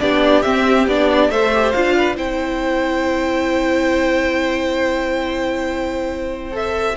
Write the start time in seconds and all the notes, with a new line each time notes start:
0.00 B3 D4 G4 D5
0.42 C4 E5
0.87 B3 D4 D5
1.29 A3 A4 C5 E5
1.54 G4
1.72 D4 F4 F5
1.97 B4
2.16 C4 E4 C5 G5
6.52 A4 E5